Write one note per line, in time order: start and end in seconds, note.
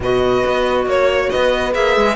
0.00 0.44 B2
0.00 1.73 F#4
0.00 0.87 B4
0.00 0.89 D#5
0.46 0.86 B3
0.86 1.29 A#3
0.86 1.30 C#5
0.86 1.29 C#5
1.29 1.74 B3
1.29 2.15 B4
1.29 1.73 D#5
1.73 1.96 A#3
1.73 2.15 G#4
1.73 2.15 E5
1.96 2.15 G#3